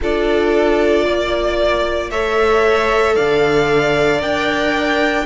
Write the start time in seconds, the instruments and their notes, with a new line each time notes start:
0.01 cello D4, viola F4, violin A4 D5
1.04 cello A#3, violin D5
2.10 cello A3, viola A4, violin C#5 E5
3.14 cello D3, violin D5 F5
4.19 cello D4, viola A#4, violin G5